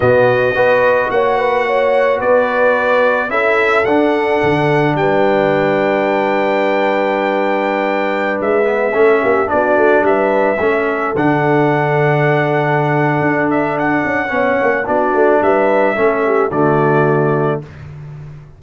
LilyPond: <<
  \new Staff \with { instrumentName = "trumpet" } { \time 4/4 \tempo 4 = 109 dis''2 fis''2 | d''2 e''4 fis''4~ | fis''4 g''2.~ | g''2.~ g''16 e''8.~ |
e''4~ e''16 d''4 e''4.~ e''16~ | e''16 fis''2.~ fis''8.~ | fis''8 e''8 fis''2 d''4 | e''2 d''2 | }
  \new Staff \with { instrumentName = "horn" } { \time 4/4 fis'4 b'4 cis''8 b'8 cis''4 | b'2 a'2~ | a'4 b'2.~ | b'1~ |
b'16 a'8 g'8 fis'4 b'4 a'8.~ | a'1~ | a'2 cis''4 fis'4 | b'4 a'8 g'8 fis'2 | }
  \new Staff \with { instrumentName = "trombone" } { \time 4/4 b4 fis'2.~ | fis'2 e'4 d'4~ | d'1~ | d'2.~ d'8. b16~ |
b16 cis'4 d'2 cis'8.~ | cis'16 d'2.~ d'8.~ | d'2 cis'4 d'4~ | d'4 cis'4 a2 | }
  \new Staff \with { instrumentName = "tuba" } { \time 4/4 b,4 b4 ais2 | b2 cis'4 d'4 | d4 g2.~ | g2.~ g16 gis8.~ |
gis16 a8 ais8 b8 a8 g4 a8.~ | a16 d2.~ d8. | d'4. cis'8 b8 ais8 b8 a8 | g4 a4 d2 | }
>>